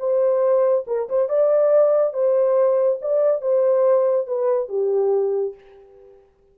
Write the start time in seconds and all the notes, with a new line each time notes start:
0.00 C5
0.87 A#4
1.09 C5
1.30 D5
2.14 C5
3.02 D5
3.42 C5
4.28 B4
4.69 G4